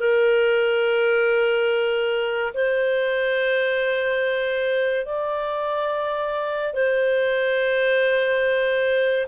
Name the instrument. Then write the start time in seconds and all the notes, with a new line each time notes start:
clarinet
0.00 A#4
2.54 C5
5.06 D5
6.74 C5